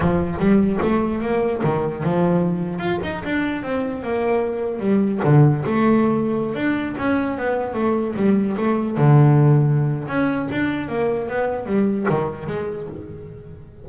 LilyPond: \new Staff \with { instrumentName = "double bass" } { \time 4/4 \tempo 4 = 149 f4 g4 a4 ais4 | dis4 f2 f'8 dis'8 | d'4 c'4 ais2 | g4 d4 a2~ |
a16 d'4 cis'4 b4 a8.~ | a16 g4 a4 d4.~ d16~ | d4 cis'4 d'4 ais4 | b4 g4 dis4 gis4 | }